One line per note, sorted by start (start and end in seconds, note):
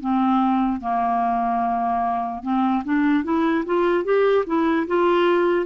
0.00 0.80 C4
0.80 2.43 A#3
2.43 2.83 C4
2.84 3.24 D4
3.24 3.64 E4
3.65 4.04 F4
4.04 4.44 G4
4.46 4.86 E4
4.87 5.66 F4